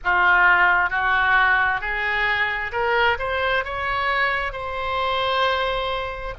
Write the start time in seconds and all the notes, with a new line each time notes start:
0.04 F4
0.90 F#4
1.80 G#4
2.72 A#4
3.18 C5
3.64 C#5
4.52 C5